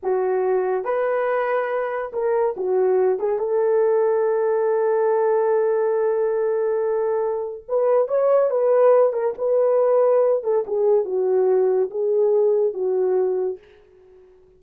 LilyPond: \new Staff \with { instrumentName = "horn" } { \time 4/4 \tempo 4 = 141 fis'2 b'2~ | b'4 ais'4 fis'4. gis'8 | a'1~ | a'1~ |
a'2 b'4 cis''4 | b'4. ais'8 b'2~ | b'8 a'8 gis'4 fis'2 | gis'2 fis'2 | }